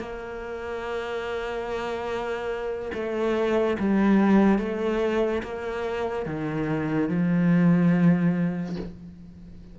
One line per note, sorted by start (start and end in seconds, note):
0.00 2.92 A#3
2.94 3.78 A3
3.80 4.59 G3
4.59 5.42 A3
5.43 6.26 A#3
6.26 7.09 D#3
7.09 8.76 F3